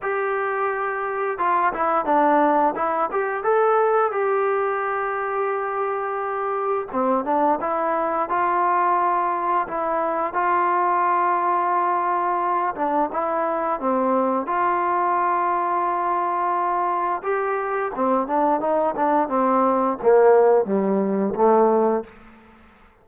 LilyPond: \new Staff \with { instrumentName = "trombone" } { \time 4/4 \tempo 4 = 87 g'2 f'8 e'8 d'4 | e'8 g'8 a'4 g'2~ | g'2 c'8 d'8 e'4 | f'2 e'4 f'4~ |
f'2~ f'8 d'8 e'4 | c'4 f'2.~ | f'4 g'4 c'8 d'8 dis'8 d'8 | c'4 ais4 g4 a4 | }